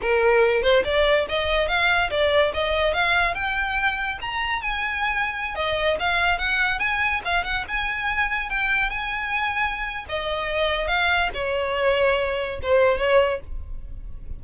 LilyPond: \new Staff \with { instrumentName = "violin" } { \time 4/4 \tempo 4 = 143 ais'4. c''8 d''4 dis''4 | f''4 d''4 dis''4 f''4 | g''2 ais''4 gis''4~ | gis''4~ gis''16 dis''4 f''4 fis''8.~ |
fis''16 gis''4 f''8 fis''8 gis''4.~ gis''16~ | gis''16 g''4 gis''2~ gis''8. | dis''2 f''4 cis''4~ | cis''2 c''4 cis''4 | }